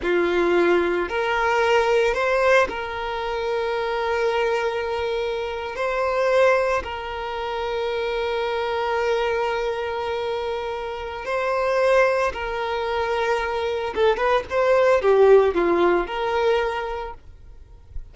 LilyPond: \new Staff \with { instrumentName = "violin" } { \time 4/4 \tempo 4 = 112 f'2 ais'2 | c''4 ais'2.~ | ais'2~ ais'8. c''4~ c''16~ | c''8. ais'2.~ ais'16~ |
ais'1~ | ais'4 c''2 ais'4~ | ais'2 a'8 b'8 c''4 | g'4 f'4 ais'2 | }